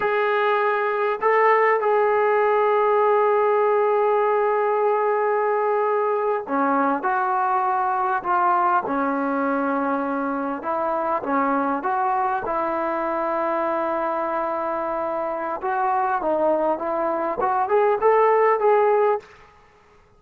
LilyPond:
\new Staff \with { instrumentName = "trombone" } { \time 4/4 \tempo 4 = 100 gis'2 a'4 gis'4~ | gis'1~ | gis'2~ gis'8. cis'4 fis'16~ | fis'4.~ fis'16 f'4 cis'4~ cis'16~ |
cis'4.~ cis'16 e'4 cis'4 fis'16~ | fis'8. e'2.~ e'16~ | e'2 fis'4 dis'4 | e'4 fis'8 gis'8 a'4 gis'4 | }